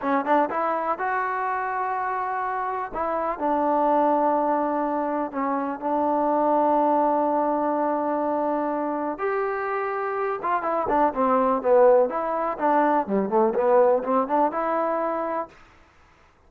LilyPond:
\new Staff \with { instrumentName = "trombone" } { \time 4/4 \tempo 4 = 124 cis'8 d'8 e'4 fis'2~ | fis'2 e'4 d'4~ | d'2. cis'4 | d'1~ |
d'2. g'4~ | g'4. f'8 e'8 d'8 c'4 | b4 e'4 d'4 g8 a8 | b4 c'8 d'8 e'2 | }